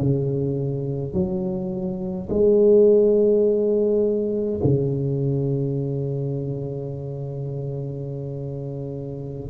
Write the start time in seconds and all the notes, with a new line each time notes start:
0.00 C#3
1.13 F#3
2.29 G#3
4.63 C#3